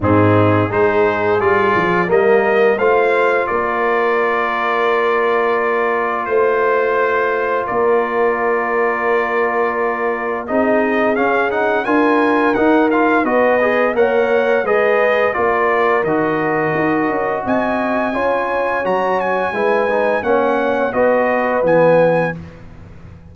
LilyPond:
<<
  \new Staff \with { instrumentName = "trumpet" } { \time 4/4 \tempo 4 = 86 gis'4 c''4 d''4 dis''4 | f''4 d''2.~ | d''4 c''2 d''4~ | d''2. dis''4 |
f''8 fis''8 gis''4 fis''8 f''8 dis''4 | fis''4 dis''4 d''4 dis''4~ | dis''4 gis''2 ais''8 gis''8~ | gis''4 fis''4 dis''4 gis''4 | }
  \new Staff \with { instrumentName = "horn" } { \time 4/4 dis'4 gis'2 ais'4 | c''4 ais'2.~ | ais'4 c''2 ais'4~ | ais'2. gis'4~ |
gis'4 ais'2 b'4 | cis''4 b'4 ais'2~ | ais'4 dis''4 cis''2 | b'4 cis''4 b'2 | }
  \new Staff \with { instrumentName = "trombone" } { \time 4/4 c'4 dis'4 f'4 ais4 | f'1~ | f'1~ | f'2. dis'4 |
cis'8 dis'8 f'4 dis'8 f'8 fis'8 gis'8 | ais'4 gis'4 f'4 fis'4~ | fis'2 f'4 fis'4 | e'8 dis'8 cis'4 fis'4 b4 | }
  \new Staff \with { instrumentName = "tuba" } { \time 4/4 gis,4 gis4 g8 f8 g4 | a4 ais2.~ | ais4 a2 ais4~ | ais2. c'4 |
cis'4 d'4 dis'4 b4 | ais4 gis4 ais4 dis4 | dis'8 cis'8 c'4 cis'4 fis4 | gis4 ais4 b4 e4 | }
>>